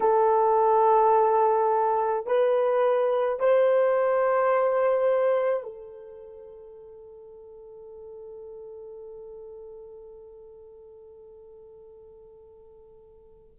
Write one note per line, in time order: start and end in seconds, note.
0.00 2.26 A4
2.26 3.39 B4
3.39 5.63 C5
5.63 13.55 A4